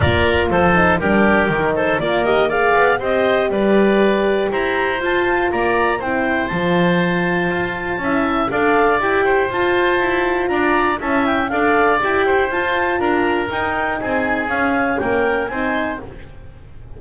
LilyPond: <<
  \new Staff \with { instrumentName = "clarinet" } { \time 4/4 \tempo 4 = 120 d''4 c''4 ais'4. c''8 | d''8 dis''8 f''4 dis''4 d''4~ | d''4 ais''4 a''4 ais''4 | g''4 a''2.~ |
a''4 f''4 g''4 a''4~ | a''4 ais''4 a''8 g''8 f''4 | g''4 a''4 ais''4 g''4 | gis''4 f''4 g''4 gis''4 | }
  \new Staff \with { instrumentName = "oboe" } { \time 4/4 ais'4 a'4 g'4. a'8 | ais'4 d''4 c''4 b'4~ | b'4 c''2 d''4 | c''1 |
e''4 d''4. c''4.~ | c''4 d''4 e''4 d''4~ | d''8 c''4. ais'2 | gis'2 ais'4 c''4 | }
  \new Staff \with { instrumentName = "horn" } { \time 4/4 f'4. dis'8 d'4 dis'4 | f'8 g'8 gis'4 g'2~ | g'2 f'2 | e'4 f'2. |
e'4 a'4 g'4 f'4~ | f'2 e'4 a'4 | g'4 f'2 dis'4~ | dis'4 cis'2 dis'4 | }
  \new Staff \with { instrumentName = "double bass" } { \time 4/4 ais4 f4 g4 dis4 | ais4. b8 c'4 g4~ | g4 e'4 f'4 ais4 | c'4 f2 f'4 |
cis'4 d'4 e'4 f'4 | e'4 d'4 cis'4 d'4 | e'4 f'4 d'4 dis'4 | c'4 cis'4 ais4 c'4 | }
>>